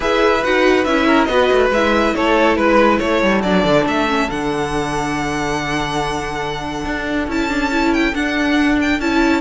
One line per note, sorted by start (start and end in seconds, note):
0.00 0.43 E4
0.00 0.42 G#4
0.00 1.06 B4
0.00 0.44 E5
0.43 0.85 D#4
0.43 0.86 F#4
0.43 0.84 F#5
0.84 1.28 C#4
0.84 1.29 E4
0.84 1.24 E5
1.06 1.27 A#4
1.24 1.49 B3
1.24 1.72 F#4
1.24 2.14 B4
1.24 1.67 D#5
1.52 1.70 A3
1.70 2.12 G#3
1.70 2.15 E5
1.76 3.44 E4
2.15 2.57 A3
2.15 2.58 A4
2.15 2.56 C#5
2.56 2.99 G#3
2.56 2.98 B4
2.56 3.01 B4
2.98 3.22 A3
2.98 9.41 A4
2.98 3.41 C#5
3.22 3.43 G3
3.42 3.64 F#3
3.42 4.07 D4
3.42 3.85 D5
3.64 3.85 D3
3.86 4.28 A3
3.86 4.30 E5
4.07 4.29 C#4
4.29 6.85 D3
4.29 7.29 D4
4.29 7.30 F#5
6.85 7.27 D4
7.27 8.13 C#4
7.27 7.49 E4
7.27 7.93 A5
7.49 7.71 D4
7.71 8.14 E4
7.93 8.14 G5
8.14 8.99 D4
8.14 9.00 D4
8.14 8.78 F#5
8.81 9.00 G5
8.99 9.41 C#4
8.99 9.41 E4
8.99 9.41 A5